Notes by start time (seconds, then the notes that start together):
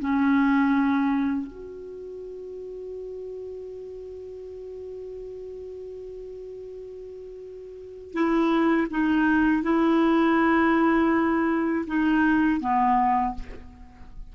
0.00 C#4
1.47 F#4
8.13 E4
8.91 D#4
9.63 E4
11.87 D#4
12.61 B3